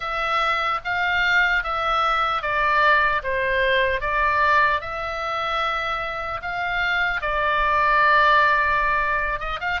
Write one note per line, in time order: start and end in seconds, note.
0.00 0.80 E5
0.84 1.63 F5
1.63 2.41 E5
2.41 3.21 D5
3.23 4.00 C5
4.00 4.80 D5
4.80 6.40 E5
6.41 7.21 F5
7.21 9.39 D5
9.39 9.59 D#5
9.60 9.80 F5